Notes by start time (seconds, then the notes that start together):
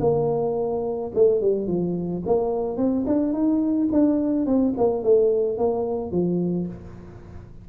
0.00 A#3
1.14 A3
1.41 G3
1.67 F3
2.26 A#3
2.77 C4
3.07 D4
3.33 D#4
3.92 D4
4.46 C4
4.77 A#3
5.03 A3
5.58 A#3
6.11 F3